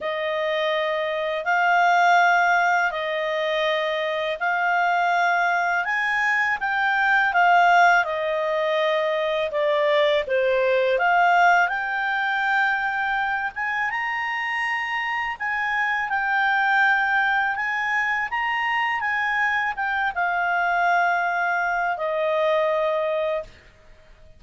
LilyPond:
\new Staff \with { instrumentName = "clarinet" } { \time 4/4 \tempo 4 = 82 dis''2 f''2 | dis''2 f''2 | gis''4 g''4 f''4 dis''4~ | dis''4 d''4 c''4 f''4 |
g''2~ g''8 gis''8 ais''4~ | ais''4 gis''4 g''2 | gis''4 ais''4 gis''4 g''8 f''8~ | f''2 dis''2 | }